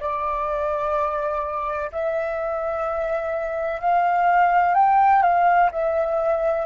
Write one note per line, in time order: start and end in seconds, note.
0.00 1.90 D5
1.91 3.81 E5
3.81 4.74 F5
4.74 5.22 G5
5.22 5.70 F5
5.71 6.65 E5